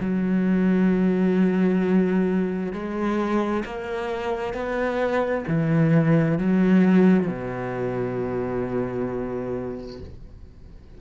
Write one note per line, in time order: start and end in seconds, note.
0.00 2.72 F#3
2.72 3.63 G#3
3.65 4.53 A#3
4.53 5.44 B3
5.47 6.38 E3
6.38 7.27 F#3
7.27 10.00 B2